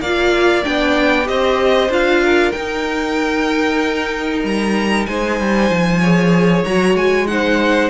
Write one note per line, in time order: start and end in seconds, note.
0.00 0.63 A#3
0.00 0.63 F4
0.00 1.27 D5
0.00 0.64 F5
0.63 1.29 B3
0.63 1.24 D4
0.63 1.27 G5
1.24 1.89 C4
1.24 1.87 G4
1.24 2.24 C5
1.24 1.91 D#5
1.89 2.52 D4
1.89 2.54 F4
1.89 2.52 F5
2.24 5.08 A#4
2.52 6.02 D#4
2.52 4.44 D#4
2.52 4.41 G5
4.44 5.07 G3
4.44 5.06 A#5
5.06 5.40 G#3
5.06 6.01 C5
5.06 6.64 G#5
5.40 5.70 G3
5.70 6.64 F3
6.01 6.66 G#4
6.01 7.27 C#5
6.64 6.94 F#3
6.64 7.27 F#4
6.64 6.96 A#5
6.94 7.89 G#3
6.94 7.27 G#5
7.27 7.89 D#4
7.27 7.89 C5
7.27 7.89 F#5